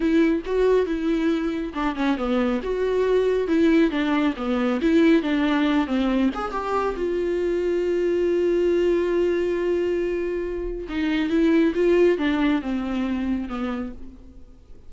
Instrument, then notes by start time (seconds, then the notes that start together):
viola
0.00 E4
0.45 F#4
0.86 E4
1.74 D4
1.95 C#4
2.17 B3
2.62 F#4
3.47 E4
3.90 D4
4.37 B3
4.81 E4
5.22 D4
5.86 C4
6.34 G#4
6.51 G4
6.96 F4
10.88 D#4
11.29 E4
11.74 F4
12.18 D4
12.61 C4
13.49 B3